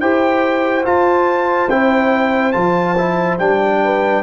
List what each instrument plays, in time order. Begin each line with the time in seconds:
0.00 tuba E4, trombone G4, horn C5, trumpet G5
0.84 trombone F4, tuba F4, trumpet A5
1.70 tuba C4, trombone E4, trumpet G5
2.52 tuba F3, trombone F4, trumpet A5
2.97 trombone E4
3.39 tuba G3, trombone D4, trumpet G5
3.83 horn B4